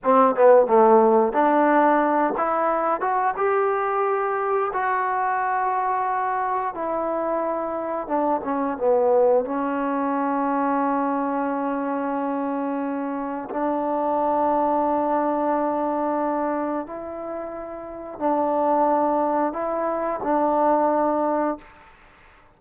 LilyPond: \new Staff \with { instrumentName = "trombone" } { \time 4/4 \tempo 4 = 89 c'8 b8 a4 d'4. e'8~ | e'8 fis'8 g'2 fis'4~ | fis'2 e'2 | d'8 cis'8 b4 cis'2~ |
cis'1 | d'1~ | d'4 e'2 d'4~ | d'4 e'4 d'2 | }